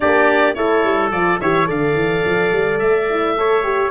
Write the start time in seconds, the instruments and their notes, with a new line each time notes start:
0.00 tuba A#3, horn D4, trumpet G4, oboe D5
0.54 tuba A3, horn E4, trumpet A4, oboe C#5
0.83 tuba G3
1.11 tuba F3, horn F4, oboe D5
1.40 tuba E3, horn G4, trumpet C#5, oboe E5
1.65 tuba D3, horn A4, trumpet D5, oboe F5
1.94 tuba E3
2.25 tuba F3
2.52 tuba G3
2.79 tuba A3, oboe E5
3.09 horn E4
3.37 horn A4, trumpet C#5
3.63 horn G4